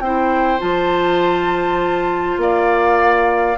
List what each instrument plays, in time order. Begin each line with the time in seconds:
0.00 bassoon C4, clarinet E4, oboe C5, flute G5
0.59 bassoon F3, clarinet F4, flute A5
2.37 bassoon A#3, oboe D5, flute F5